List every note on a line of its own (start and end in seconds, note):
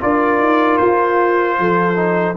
0.00 0.39 D4
0.00 1.95 F4
0.00 1.59 A#4
0.00 0.77 D5
0.39 0.78 D#4
0.77 1.59 F4
0.77 2.35 C5
1.59 2.37 F3
1.59 2.37 A4
1.95 2.35 D#4